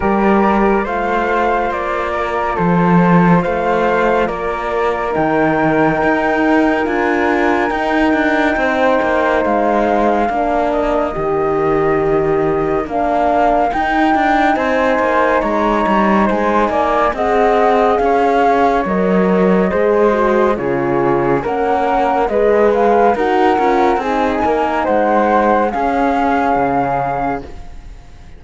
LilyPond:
<<
  \new Staff \with { instrumentName = "flute" } { \time 4/4 \tempo 4 = 70 d''4 f''4 d''4 c''4 | f''4 d''4 g''2 | gis''4 g''2 f''4~ | f''8 dis''2~ dis''8 f''4 |
g''4 gis''4 ais''4 gis''4 | fis''4 f''4 dis''2 | cis''4 fis''4 dis''8 f''8 fis''4 | gis''4 fis''4 f''2 | }
  \new Staff \with { instrumentName = "flute" } { \time 4/4 ais'4 c''4. ais'8 a'4 | c''4 ais'2.~ | ais'2 c''2 | ais'1~ |
ais'4 c''4 cis''4 c''8 d''8 | dis''4 cis''2 c''4 | gis'4 ais'4 b'4 ais'4 | gis'8 ais'8 c''4 gis'2 | }
  \new Staff \with { instrumentName = "horn" } { \time 4/4 g'4 f'2.~ | f'2 dis'2 | f'4 dis'2. | d'4 g'2 d'4 |
dis'1 | gis'2 ais'4 gis'8 fis'8 | f'4 cis'4 gis'4 fis'8 f'8 | dis'2 cis'2 | }
  \new Staff \with { instrumentName = "cello" } { \time 4/4 g4 a4 ais4 f4 | a4 ais4 dis4 dis'4 | d'4 dis'8 d'8 c'8 ais8 gis4 | ais4 dis2 ais4 |
dis'8 d'8 c'8 ais8 gis8 g8 gis8 ais8 | c'4 cis'4 fis4 gis4 | cis4 ais4 gis4 dis'8 cis'8 | c'8 ais8 gis4 cis'4 cis4 | }
>>